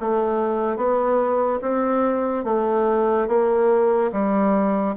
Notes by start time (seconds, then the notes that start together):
0.00 A3
0.77 B3
1.61 C4
2.44 A3
3.28 A#3
4.12 G3